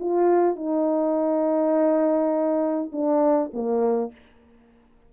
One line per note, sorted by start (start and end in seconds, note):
0.00 0.56 F4
0.56 2.91 D#4
2.92 3.51 D4
3.54 4.13 A#3